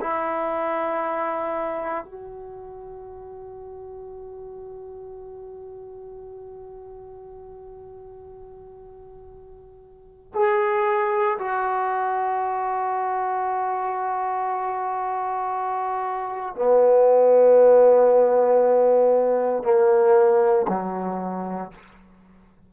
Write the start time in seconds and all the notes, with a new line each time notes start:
0.00 E4
2.05 F#4
10.34 G#4
11.38 F#4
16.55 B3
19.63 A#3
20.68 F#3